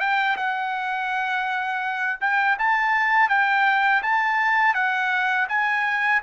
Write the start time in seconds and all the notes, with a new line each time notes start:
0.00 G5
0.37 F#5
2.21 G5
2.59 A5
3.29 G5
4.03 A5
4.75 F#5
5.49 G#5